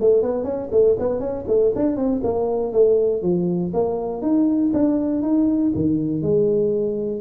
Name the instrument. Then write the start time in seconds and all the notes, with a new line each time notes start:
tuba
0.00 A3
0.22 B3
0.44 C#4
0.71 A3
0.99 B3
1.20 C#4
1.47 A3
1.75 D4
1.96 C4
2.23 A#3
2.73 A3
3.22 F3
3.73 A#3
4.22 D#4
4.74 D4
5.22 D#4
5.75 D#3
6.22 G#3